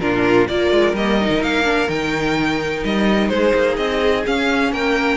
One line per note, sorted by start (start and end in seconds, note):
0.00 0.47 A#2
0.00 0.48 D4
0.00 0.49 F4
0.00 0.47 A#4
0.48 0.71 A#3
0.48 0.97 F4
0.48 3.33 A#4
0.48 0.95 D5
0.71 0.93 G#3
0.93 1.29 G3
0.93 1.21 A#3
0.93 1.43 D#5
1.21 1.64 D#4
1.29 1.41 D#3
1.41 1.88 A#3
1.41 1.89 F5
1.64 1.88 D4
1.88 2.83 D#3
1.88 4.25 D#4
1.88 2.84 G5
2.84 3.30 G3
2.84 3.28 D#5
3.28 3.53 G#3
3.28 4.73 G#4
3.28 3.76 C5
3.55 3.78 A#3
3.77 4.25 C4
3.77 4.24 D#5
4.26 5.17 C#4
4.26 4.72 C#4
4.26 4.73 F5
4.72 5.17 A#3
4.72 5.17 A#4
4.72 5.17 G5